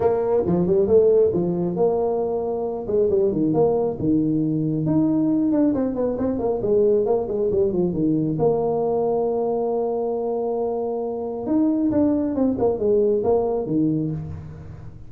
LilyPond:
\new Staff \with { instrumentName = "tuba" } { \time 4/4 \tempo 4 = 136 ais4 f8 g8 a4 f4 | ais2~ ais8 gis8 g8 dis8 | ais4 dis2 dis'4~ | dis'8 d'8 c'8 b8 c'8 ais8 gis4 |
ais8 gis8 g8 f8 dis4 ais4~ | ais1~ | ais2 dis'4 d'4 | c'8 ais8 gis4 ais4 dis4 | }